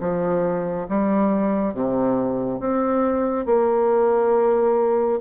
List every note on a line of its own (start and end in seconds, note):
0.00 0.87 F3
0.89 1.74 G3
1.74 2.60 C3
2.60 3.45 C4
3.45 5.19 A#3